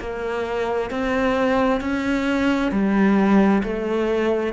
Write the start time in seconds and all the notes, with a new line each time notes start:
0.00 A#3
0.90 C4
1.81 C#4
2.71 G3
3.63 A3